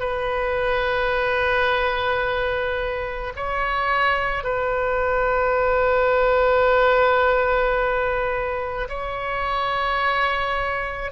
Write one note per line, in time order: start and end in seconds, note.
0.00 3.33 B4
3.36 4.43 C#5
4.43 8.88 B4
8.89 11.11 C#5